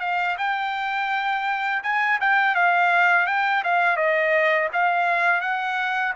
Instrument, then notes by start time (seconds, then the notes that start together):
trumpet
0.00 F5
0.38 G5
1.83 G#5
2.21 G5
2.55 F5
3.27 G5
3.64 F5
3.97 D#5
4.73 F5
5.41 F#5